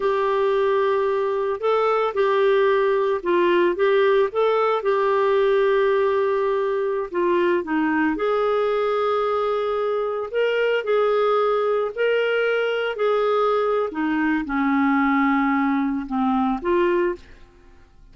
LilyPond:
\new Staff \with { instrumentName = "clarinet" } { \time 4/4 \tempo 4 = 112 g'2. a'4 | g'2 f'4 g'4 | a'4 g'2.~ | g'4~ g'16 f'4 dis'4 gis'8.~ |
gis'2.~ gis'16 ais'8.~ | ais'16 gis'2 ais'4.~ ais'16~ | ais'16 gis'4.~ gis'16 dis'4 cis'4~ | cis'2 c'4 f'4 | }